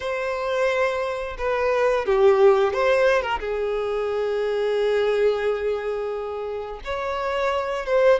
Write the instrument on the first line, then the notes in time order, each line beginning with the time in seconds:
violin
0.00 C5
1.38 B4
2.05 G4
2.73 C5
3.22 A#4
3.39 G#4
6.84 C#5
7.86 C5